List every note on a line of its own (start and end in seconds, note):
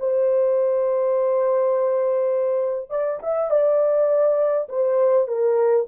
0.00 2.90 C5
2.90 3.20 D5
3.23 3.51 E5
3.51 4.68 D5
4.70 5.28 C5
5.28 5.87 A#4